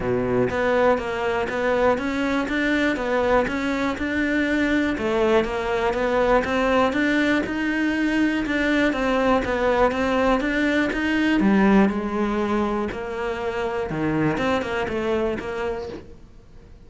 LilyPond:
\new Staff \with { instrumentName = "cello" } { \time 4/4 \tempo 4 = 121 b,4 b4 ais4 b4 | cis'4 d'4 b4 cis'4 | d'2 a4 ais4 | b4 c'4 d'4 dis'4~ |
dis'4 d'4 c'4 b4 | c'4 d'4 dis'4 g4 | gis2 ais2 | dis4 c'8 ais8 a4 ais4 | }